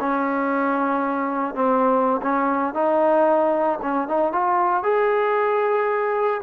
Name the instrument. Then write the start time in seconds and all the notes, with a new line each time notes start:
trombone
0.00 C#4
1.55 C4
2.23 C#4
2.75 D#4
3.83 C#4
4.09 D#4
4.33 F4
4.84 G#4